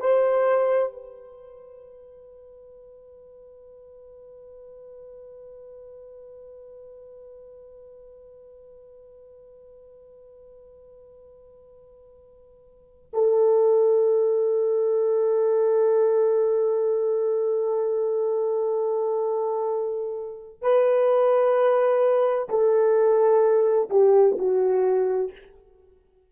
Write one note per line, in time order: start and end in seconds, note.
0.00 0.92 C5
0.92 13.11 B4
13.13 20.62 A4
20.62 22.49 B4
22.49 23.90 A4
23.90 24.37 G4
24.38 25.32 F#4